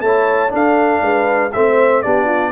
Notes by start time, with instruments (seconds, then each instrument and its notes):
0.00 tuba A3, trombone E4, horn C#5, trumpet A5
0.49 trombone D4, tuba D4, horn A4, trumpet F5
1.01 tuba G#3, horn B4
1.52 tuba A3, trombone C4, horn C5, trumpet E5
2.02 tuba B3, trombone D4, horn G4, trumpet D5
2.25 horn F4